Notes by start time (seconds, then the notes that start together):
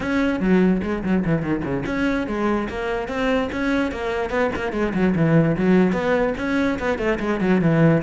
0.00 C#4
0.40 F#3
0.82 G#3
1.03 F#3
1.25 E3
1.41 D#3
1.63 C#3
1.86 C#4
2.27 G#3
2.69 A#3
3.08 C4
3.52 C#4
3.91 A#3
4.29 B3
4.55 A#3
4.72 G#3
4.94 F#3
5.15 E3
5.56 F#3
5.92 B3
6.37 C#4
6.79 B3
6.98 A3
7.19 G#3
7.40 F#3
7.61 E3